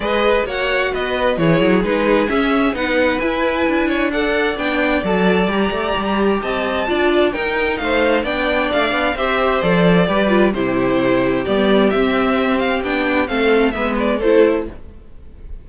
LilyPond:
<<
  \new Staff \with { instrumentName = "violin" } { \time 4/4 \tempo 4 = 131 dis''4 fis''4 dis''4 cis''4 | b'4 e''4 fis''4 gis''4~ | gis''4 fis''4 g''4 a''4 | ais''2 a''2 |
g''4 f''4 g''4 f''4 | e''4 d''2 c''4~ | c''4 d''4 e''4. f''8 | g''4 f''4 e''8 d''8 c''4 | }
  \new Staff \with { instrumentName = "violin" } { \time 4/4 b'4 cis''4 b'4 gis'4~ | gis'2 b'2~ | b'8 cis''8 d''2.~ | d''2 dis''4 d''4 |
ais'4 c''4 d''2 | c''2 b'4 g'4~ | g'1~ | g'4 a'4 b'4 a'4 | }
  \new Staff \with { instrumentName = "viola" } { \time 4/4 gis'4 fis'2 e'4 | dis'4 cis'4 dis'4 e'4~ | e'4 a'4 d'4 a'4 | g'2. f'4 |
dis'2 d'2 | g'4 a'4 g'8 f'8 e'4~ | e'4 b4 c'2 | d'4 c'4 b4 e'4 | }
  \new Staff \with { instrumentName = "cello" } { \time 4/4 gis4 ais4 b4 e8 fis8 | gis4 cis'4 b4 e'4 | d'2 b4 fis4 | g8 a8 g4 c'4 d'4 |
dis'4 a4 b4 a8 b8 | c'4 f4 g4 c4~ | c4 g4 c'2 | b4 a4 gis4 a4 | }
>>